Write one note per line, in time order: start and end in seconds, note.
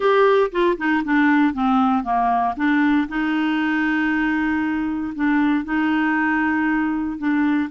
0.00 0.50 G4
0.51 0.77 F4
0.77 1.03 D#4
1.04 1.53 D4
1.53 2.03 C4
2.03 2.55 A#3
2.56 3.07 D4
3.08 5.13 D#4
5.15 5.64 D4
5.64 7.18 D#4
7.18 7.69 D4